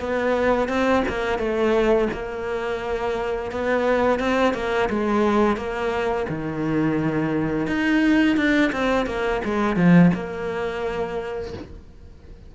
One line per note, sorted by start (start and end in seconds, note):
0.00 0.68 B3
0.68 1.03 C4
1.08 1.38 A#3
1.38 2.08 A3
2.13 3.51 A#3
3.51 4.19 B3
4.19 4.54 C4
4.54 4.89 A#3
4.89 5.57 G#3
5.57 6.26 A#3
6.29 7.67 D#3
7.67 8.36 D#4
8.36 8.71 D4
8.72 9.06 C4
9.06 9.41 A#3
9.44 9.76 G#3
9.76 10.11 F3
10.14 11.53 A#3